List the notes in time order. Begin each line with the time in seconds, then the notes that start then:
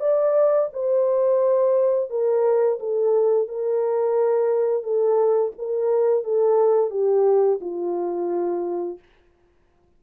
0.00 D5
0.73 C5
2.10 A#4
2.79 A4
3.48 A#4
4.83 A4
5.58 A#4
6.24 A4
6.90 G4
7.61 F4